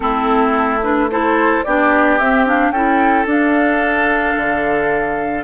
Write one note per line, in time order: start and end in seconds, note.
0.00 1.61 A3
0.00 0.81 C4
0.00 1.10 E4
0.00 0.81 A4
0.82 1.09 D4
0.82 1.10 B4
1.10 1.65 E4
1.10 1.65 A4
1.10 1.64 C5
1.64 2.20 B3
1.64 2.20 D4
1.64 2.72 G4
1.64 2.18 D5
2.18 2.70 C4
2.18 2.45 C4
2.18 2.46 E5
2.45 2.73 D4
2.45 2.71 F5
2.70 3.24 C#4
2.70 3.25 E4
2.70 5.44 A4
2.70 3.25 G5
3.25 4.34 D4
3.25 5.43 D4
3.25 5.44 F5
4.36 5.44 D3